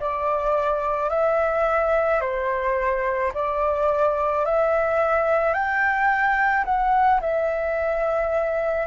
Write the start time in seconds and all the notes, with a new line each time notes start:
0.00 D5
1.10 E5
2.21 C5
3.34 D5
4.45 E5
5.54 G5
6.65 F#5
7.21 E5